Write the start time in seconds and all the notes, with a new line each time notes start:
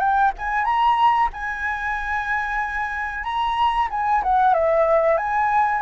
0.00 G5
0.38 G#5
0.65 A#5
1.33 G#5
3.24 A#5
3.91 G#5
4.23 F#5
4.54 E5
5.18 G#5